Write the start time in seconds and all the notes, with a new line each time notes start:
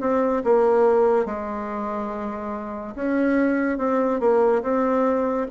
0.00 C4
0.44 A#3
1.25 G#3
2.95 C#4
3.78 C4
4.19 A#3
4.62 C4